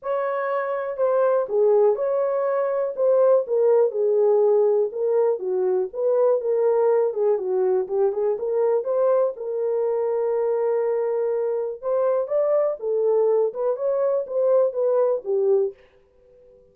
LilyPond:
\new Staff \with { instrumentName = "horn" } { \time 4/4 \tempo 4 = 122 cis''2 c''4 gis'4 | cis''2 c''4 ais'4 | gis'2 ais'4 fis'4 | b'4 ais'4. gis'8 fis'4 |
g'8 gis'8 ais'4 c''4 ais'4~ | ais'1 | c''4 d''4 a'4. b'8 | cis''4 c''4 b'4 g'4 | }